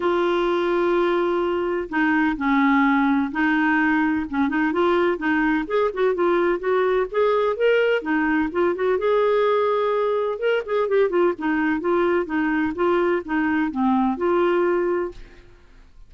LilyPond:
\new Staff \with { instrumentName = "clarinet" } { \time 4/4 \tempo 4 = 127 f'1 | dis'4 cis'2 dis'4~ | dis'4 cis'8 dis'8 f'4 dis'4 | gis'8 fis'8 f'4 fis'4 gis'4 |
ais'4 dis'4 f'8 fis'8 gis'4~ | gis'2 ais'8 gis'8 g'8 f'8 | dis'4 f'4 dis'4 f'4 | dis'4 c'4 f'2 | }